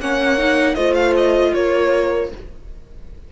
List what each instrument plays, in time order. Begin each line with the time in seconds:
0.00 cello A#3, viola C#4, horn C#5, violin F#5
0.38 viola D#4
0.75 cello A3, viola F4, horn C5, violin D#5
0.95 violin F5
1.16 violin D#5
1.54 cello A#3, horn A#4, violin C#5